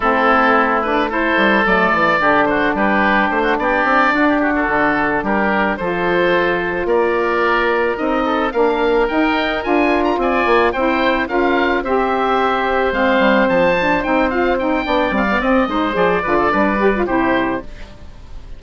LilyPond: <<
  \new Staff \with { instrumentName = "oboe" } { \time 4/4 \tempo 4 = 109 a'4. b'8 c''4 d''4~ | d''8 c''8 b'4 c''8 d''4. | g'16 a'4~ a'16 ais'4 c''4.~ | c''8 d''2 dis''4 f''8~ |
f''8 g''4 gis''8. ais''16 gis''4 g''8~ | g''8 f''4 e''2 f''8~ | f''8 a''4 g''8 f''8 g''4 f''8 | dis''4 d''2 c''4 | }
  \new Staff \with { instrumentName = "oboe" } { \time 4/4 e'2 a'2 | g'8 fis'8 g'4~ g'16 fis'16 g'4 fis'16 g'16 | fis'4. g'4 a'4.~ | a'8 ais'2~ ais'8 a'8 ais'8~ |
ais'2~ ais'8 d''4 c''8~ | c''8 ais'4 c''2~ c''8~ | c''2. d''4~ | d''8 c''4 b'16 a'16 b'4 g'4 | }
  \new Staff \with { instrumentName = "saxophone" } { \time 4/4 c'4. d'8 e'4 a4 | d'1~ | d'2~ d'8 f'4.~ | f'2~ f'8 dis'4 d'8~ |
d'8 dis'4 f'2 e'8~ | e'8 f'4 g'2 c'8~ | c'4 d'8 dis'8 f'8 dis'8 d'8 c'16 b16 | c'8 dis'8 gis'8 f'8 d'8 g'16 f'16 e'4 | }
  \new Staff \with { instrumentName = "bassoon" } { \time 4/4 a2~ a8 g8 fis8 e8 | d4 g4 a8 b8 c'8 d'8~ | d'8 d4 g4 f4.~ | f8 ais2 c'4 ais8~ |
ais8 dis'4 d'4 c'8 ais8 c'8~ | c'8 cis'4 c'2 gis8 | g8 f4 c'4. b8 g8 | c'8 gis8 f8 d8 g4 c4 | }
>>